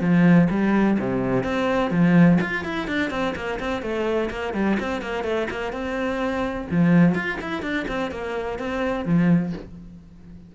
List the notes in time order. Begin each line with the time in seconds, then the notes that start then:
0.00 F3
0.50 G3
0.99 C3
1.43 C4
1.90 F3
2.41 F4
2.64 E4
2.87 D4
3.10 C4
3.35 A#3
3.59 C4
3.82 A3
4.29 A#3
4.53 G3
4.79 C4
5.01 A#3
5.24 A3
5.50 A#3
5.72 C4
6.71 F3
7.15 F4
7.41 E4
7.62 D4
7.88 C4
8.11 A#3
8.58 C4
9.05 F3